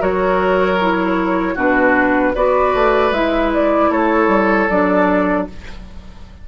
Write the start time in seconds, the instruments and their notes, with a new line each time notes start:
0.00 bassoon F#3, clarinet F#4, oboe A#4, flute C#5
0.81 clarinet E4
1.55 bassoon B2, clarinet D4, oboe F#4, flute B4
2.35 bassoon B3, clarinet F#4, oboe B4, flute D5
2.74 bassoon A3
3.11 bassoon G#3, clarinet E4, flute E5
3.54 flute D5
3.90 bassoon A3, oboe A4, flute C#5
4.27 bassoon G3
4.69 bassoon F#3, clarinet D4, flute D5